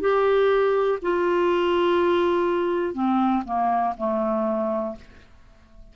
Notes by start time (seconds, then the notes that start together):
0.00 G4
1.01 F4
2.94 C4
3.45 A#3
3.97 A3